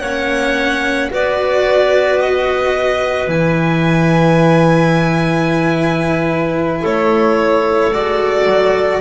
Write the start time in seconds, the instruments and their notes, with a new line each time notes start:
0.00 double bass A#3, cello C#4, clarinet C#5, violin F#5
1.11 double bass B3, cello F#4, clarinet B4, violin D5
2.20 violin D#5
3.28 double bass E3, cello E4, violin G#5
6.81 double bass A3, clarinet A4, violin C#5
7.93 double bass G#3, cello F#4, violin D5
8.46 double bass F#3